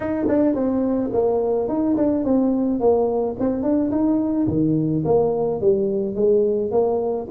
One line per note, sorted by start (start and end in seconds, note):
0.00 0.26 D#4
0.28 0.54 D4
0.54 1.10 C4
1.12 1.68 A#3
1.68 1.96 D#4
1.97 2.24 D4
2.24 2.80 C4
2.80 3.36 A#3
3.39 3.62 C4
3.62 3.90 D4
3.91 4.47 D#4
4.47 5.03 D#3
5.05 5.60 A#3
5.60 6.15 G3
6.15 6.71 G#3
6.71 7.27 A#3